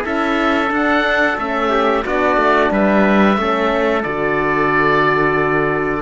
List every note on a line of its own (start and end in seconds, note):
0.00 0.71 C#4
0.00 0.67 E4
0.00 1.70 A4
0.00 0.72 E5
0.67 1.34 D4
0.67 1.37 D4
0.74 1.38 F#5
1.37 2.04 A3
1.37 2.03 C#4
1.37 2.04 E5
1.70 2.03 G4
2.03 2.36 B3
2.03 3.36 D4
2.03 2.71 F#4
2.03 2.72 D5
2.36 2.70 A3
2.70 3.37 G3
2.70 3.38 B4
2.70 4.03 E5
3.36 4.04 A3
3.36 4.02 C#4
3.36 6.01 A4
4.03 6.01 D3
4.03 6.01 F#4
4.03 6.01 D5